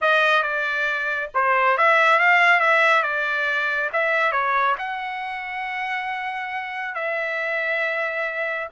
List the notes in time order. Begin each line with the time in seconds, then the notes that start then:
0.01 D#5
0.42 D5
1.34 C5
1.77 E5
2.19 F5
2.60 E5
3.02 D5
3.92 E5
4.32 C#5
4.78 F#5
6.94 E5